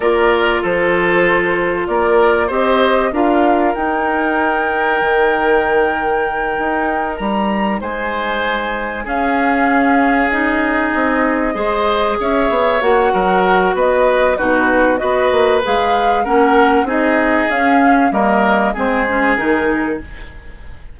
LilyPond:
<<
  \new Staff \with { instrumentName = "flute" } { \time 4/4 \tempo 4 = 96 d''4 c''2 d''4 | dis''4 f''4 g''2~ | g''2.~ g''8 ais''8~ | ais''8 gis''2 f''4.~ |
f''8 dis''2. e''8~ | e''8 fis''4. dis''4 b'4 | dis''4 f''4 fis''4 dis''4 | f''4 dis''4 c''4 ais'4 | }
  \new Staff \with { instrumentName = "oboe" } { \time 4/4 ais'4 a'2 ais'4 | c''4 ais'2.~ | ais'1~ | ais'8 c''2 gis'4.~ |
gis'2~ gis'8 c''4 cis''8~ | cis''4 ais'4 b'4 fis'4 | b'2 ais'4 gis'4~ | gis'4 ais'4 gis'2 | }
  \new Staff \with { instrumentName = "clarinet" } { \time 4/4 f'1 | g'4 f'4 dis'2~ | dis'1~ | dis'2~ dis'8 cis'4.~ |
cis'8 dis'2 gis'4.~ | gis'8 fis'2~ fis'8 dis'4 | fis'4 gis'4 cis'4 dis'4 | cis'4 ais4 c'8 cis'8 dis'4 | }
  \new Staff \with { instrumentName = "bassoon" } { \time 4/4 ais4 f2 ais4 | c'4 d'4 dis'2 | dis2~ dis8 dis'4 g8~ | g8 gis2 cis'4.~ |
cis'4. c'4 gis4 cis'8 | b8 ais8 fis4 b4 b,4 | b8 ais8 gis4 ais4 c'4 | cis'4 g4 gis4 dis4 | }
>>